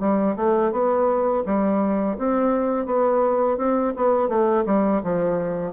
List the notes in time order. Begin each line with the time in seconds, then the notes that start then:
0.00 G3
0.36 A3
0.72 B3
1.46 G3
2.18 C4
2.86 B3
3.58 C4
3.96 B3
4.29 A3
4.66 G3
5.04 F3